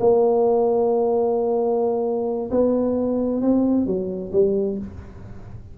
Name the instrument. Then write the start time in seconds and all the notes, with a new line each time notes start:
tuba
0.00 A#3
2.51 B3
3.42 C4
3.86 F#3
4.33 G3